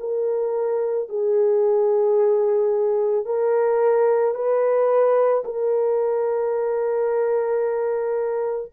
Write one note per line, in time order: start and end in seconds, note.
0.00 1.09 A#4
1.10 3.26 G#4
3.26 4.35 A#4
4.35 5.44 B4
5.45 8.72 A#4